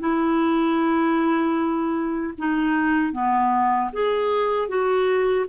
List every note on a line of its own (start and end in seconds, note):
0.00 2.33 E4
2.38 3.13 D#4
3.13 3.91 B3
3.93 4.68 G#4
4.68 5.46 F#4